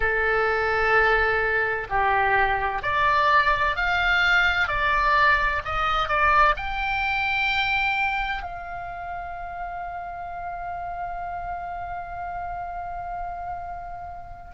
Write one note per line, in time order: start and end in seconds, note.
0.00 1.87 A4
1.89 2.82 G4
2.82 3.76 D5
3.76 4.68 F5
4.68 5.62 D5
5.65 6.08 D#5
6.08 6.55 D5
6.56 8.42 G5
8.42 14.51 F5